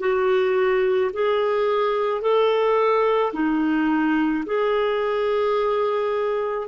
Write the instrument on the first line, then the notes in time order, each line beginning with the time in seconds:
clarinet
0.00 F#4
1.13 G#4
2.22 A4
3.33 D#4
4.46 G#4